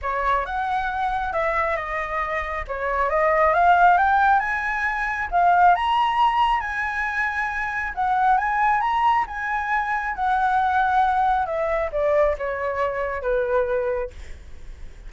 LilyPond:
\new Staff \with { instrumentName = "flute" } { \time 4/4 \tempo 4 = 136 cis''4 fis''2 e''4 | dis''2 cis''4 dis''4 | f''4 g''4 gis''2 | f''4 ais''2 gis''4~ |
gis''2 fis''4 gis''4 | ais''4 gis''2 fis''4~ | fis''2 e''4 d''4 | cis''2 b'2 | }